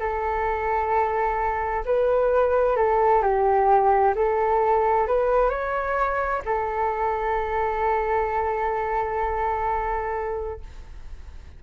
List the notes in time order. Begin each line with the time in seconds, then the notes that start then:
0.00 A4
1.85 B4
2.77 A4
3.22 G4
4.15 A4
5.07 B4
5.50 C#5
6.45 A4